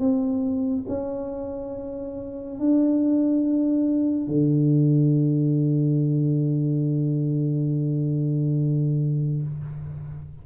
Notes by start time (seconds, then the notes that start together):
0.00 C4
0.88 C#4
2.59 D4
4.28 D3